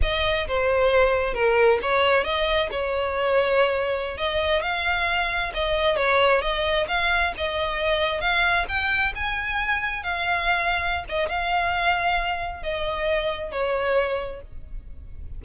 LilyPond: \new Staff \with { instrumentName = "violin" } { \time 4/4 \tempo 4 = 133 dis''4 c''2 ais'4 | cis''4 dis''4 cis''2~ | cis''4~ cis''16 dis''4 f''4.~ f''16~ | f''16 dis''4 cis''4 dis''4 f''8.~ |
f''16 dis''2 f''4 g''8.~ | g''16 gis''2 f''4.~ f''16~ | f''8 dis''8 f''2. | dis''2 cis''2 | }